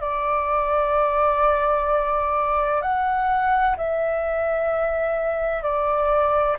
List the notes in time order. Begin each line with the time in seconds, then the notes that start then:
0.00 D5
2.82 F#5
3.77 E5
5.62 D5